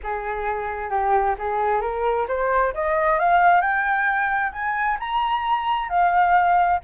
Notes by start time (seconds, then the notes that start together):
0.03 G#4
0.89 G4
1.38 G#4
1.81 A#4
2.28 C5
2.74 D#5
3.19 F5
3.61 G5
4.52 G#5
4.99 A#5
5.89 F5